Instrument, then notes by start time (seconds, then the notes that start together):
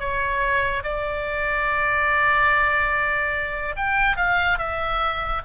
oboe
0.00 C#5
0.84 D5
3.77 G5
4.17 F5
4.59 E5